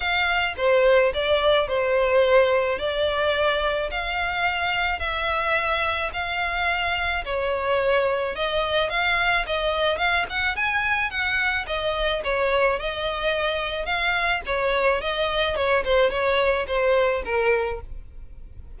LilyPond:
\new Staff \with { instrumentName = "violin" } { \time 4/4 \tempo 4 = 108 f''4 c''4 d''4 c''4~ | c''4 d''2 f''4~ | f''4 e''2 f''4~ | f''4 cis''2 dis''4 |
f''4 dis''4 f''8 fis''8 gis''4 | fis''4 dis''4 cis''4 dis''4~ | dis''4 f''4 cis''4 dis''4 | cis''8 c''8 cis''4 c''4 ais'4 | }